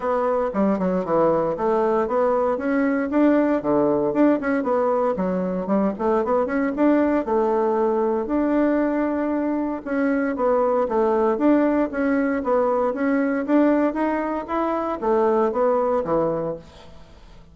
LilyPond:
\new Staff \with { instrumentName = "bassoon" } { \time 4/4 \tempo 4 = 116 b4 g8 fis8 e4 a4 | b4 cis'4 d'4 d4 | d'8 cis'8 b4 fis4 g8 a8 | b8 cis'8 d'4 a2 |
d'2. cis'4 | b4 a4 d'4 cis'4 | b4 cis'4 d'4 dis'4 | e'4 a4 b4 e4 | }